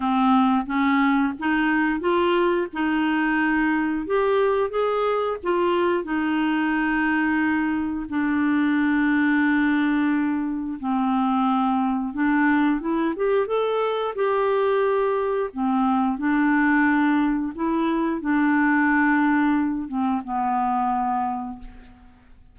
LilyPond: \new Staff \with { instrumentName = "clarinet" } { \time 4/4 \tempo 4 = 89 c'4 cis'4 dis'4 f'4 | dis'2 g'4 gis'4 | f'4 dis'2. | d'1 |
c'2 d'4 e'8 g'8 | a'4 g'2 c'4 | d'2 e'4 d'4~ | d'4. c'8 b2 | }